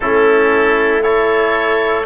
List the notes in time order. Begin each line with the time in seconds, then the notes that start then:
0.00 A3 C#4 E4 A4
1.02 E4 A4 C#5